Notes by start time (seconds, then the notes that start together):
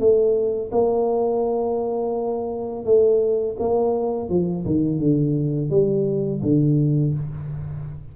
0.00 A3
0.72 A#3
2.85 A3
3.60 A#3
4.30 F3
4.66 D#3
5.00 D3
5.70 G3
6.43 D3